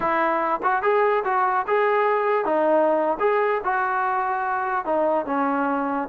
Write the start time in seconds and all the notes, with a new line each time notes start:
0.00 E4
0.62 F#4
0.82 G#4
1.24 F#4
1.67 G#4
2.45 D#4
3.19 G#4
3.64 F#4
4.85 D#4
5.25 C#4